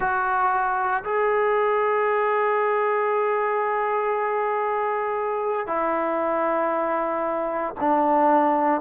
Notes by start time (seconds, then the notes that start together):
0.00 F#4
1.03 G#4
5.67 E4
7.80 D4